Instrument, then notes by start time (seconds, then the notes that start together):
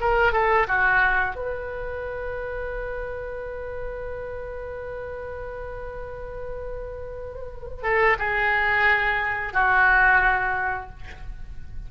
oboe
0.00 A#4
0.32 A4
0.68 F#4
1.35 B4
7.83 A4
8.18 G#4
9.53 F#4